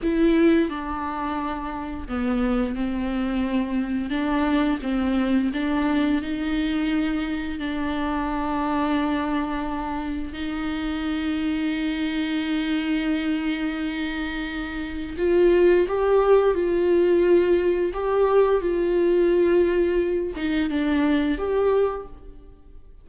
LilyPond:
\new Staff \with { instrumentName = "viola" } { \time 4/4 \tempo 4 = 87 e'4 d'2 b4 | c'2 d'4 c'4 | d'4 dis'2 d'4~ | d'2. dis'4~ |
dis'1~ | dis'2 f'4 g'4 | f'2 g'4 f'4~ | f'4. dis'8 d'4 g'4 | }